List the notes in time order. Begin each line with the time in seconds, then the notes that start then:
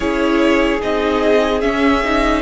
0.00 C#4 E4 G#4 C#5
0.80 C4 D#4 D#5
1.60 C#4 E5
2.03 D#4